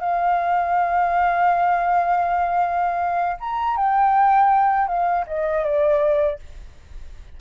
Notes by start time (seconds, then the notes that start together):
0.00 F5
3.40 A#5
3.77 G5
4.88 F5
5.27 D#5
5.65 D5